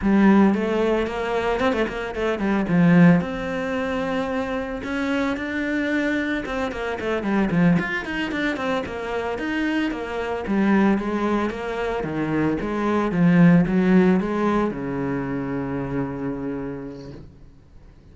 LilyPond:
\new Staff \with { instrumentName = "cello" } { \time 4/4 \tempo 4 = 112 g4 a4 ais4 c'16 a16 ais8 | a8 g8 f4 c'2~ | c'4 cis'4 d'2 | c'8 ais8 a8 g8 f8 f'8 dis'8 d'8 |
c'8 ais4 dis'4 ais4 g8~ | g8 gis4 ais4 dis4 gis8~ | gis8 f4 fis4 gis4 cis8~ | cis1 | }